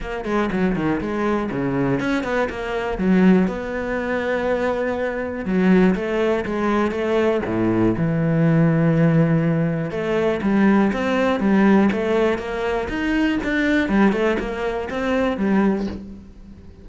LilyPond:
\new Staff \with { instrumentName = "cello" } { \time 4/4 \tempo 4 = 121 ais8 gis8 fis8 dis8 gis4 cis4 | cis'8 b8 ais4 fis4 b4~ | b2. fis4 | a4 gis4 a4 a,4 |
e1 | a4 g4 c'4 g4 | a4 ais4 dis'4 d'4 | g8 a8 ais4 c'4 g4 | }